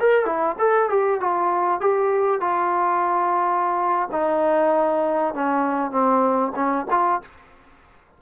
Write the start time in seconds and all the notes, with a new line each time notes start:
0.00 A#4
0.26 E4
0.59 A4
0.90 G4
1.21 F4
1.81 G4
2.41 F4
4.12 D#4
5.34 C#4
5.91 C4
6.56 C#4
6.91 F4